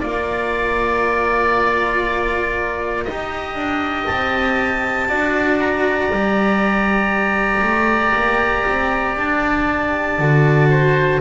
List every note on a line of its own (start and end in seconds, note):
0.00 3.08 A#3
0.00 3.06 F4
0.00 3.05 D5
0.00 4.06 A#5
3.05 3.55 D#4
3.05 5.09 G4
3.05 5.08 D#5
3.55 4.06 D4
4.06 5.11 C4
4.06 5.58 A5
5.08 6.10 D4
5.08 6.10 F#4
5.08 10.68 D5
5.60 9.15 A#5
6.10 7.62 G3
6.10 10.21 G4
7.63 8.14 A3
8.15 8.66 A#3
8.68 9.17 C4
9.17 10.18 D4
9.17 11.21 A5
10.18 11.20 D3
10.18 11.21 F#4
10.70 11.21 C5